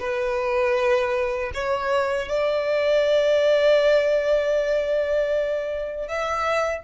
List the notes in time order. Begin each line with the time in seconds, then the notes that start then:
0.00 B4
1.54 C#5
2.29 D5
6.08 E5